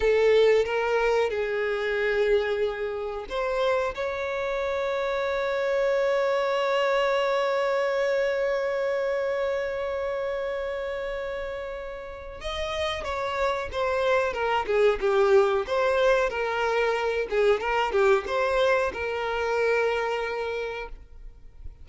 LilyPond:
\new Staff \with { instrumentName = "violin" } { \time 4/4 \tempo 4 = 92 a'4 ais'4 gis'2~ | gis'4 c''4 cis''2~ | cis''1~ | cis''1~ |
cis''2. dis''4 | cis''4 c''4 ais'8 gis'8 g'4 | c''4 ais'4. gis'8 ais'8 g'8 | c''4 ais'2. | }